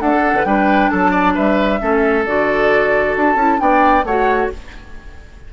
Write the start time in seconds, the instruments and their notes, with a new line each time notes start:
0.00 clarinet A3, bassoon D4, oboe A4, flute F#5
0.10 clarinet A4
0.26 clarinet D4
0.33 bassoon D3, clarinet B4
0.45 bassoon G3, clarinet D4, oboe B4, flute G5
0.90 bassoon F#3, oboe A4, flute A5
1.11 oboe D5
1.34 bassoon G3, oboe B4, flute E5
1.79 bassoon A3, clarinet C#4, oboe A4
2.26 bassoon D3, clarinet F#4, flute D5
3.16 bassoon D4, flute A5
3.35 bassoon C#4, clarinet E4
3.58 bassoon B3, clarinet D4, oboe D5, flute G5
4.04 bassoon A3, clarinet F#4, oboe C#5, flute F#5